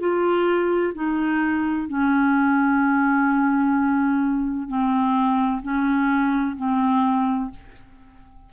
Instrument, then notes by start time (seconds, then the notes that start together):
clarinet
0.00 F4
0.95 D#4
1.88 C#4
4.68 C4
5.63 C#4
6.57 C4